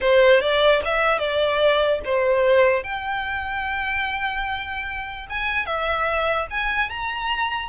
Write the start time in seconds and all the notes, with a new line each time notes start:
0.00 C5
0.40 D5
0.84 E5
1.18 D5
2.05 C5
2.83 G5
5.29 G#5
5.66 E5
6.50 G#5
6.89 A#5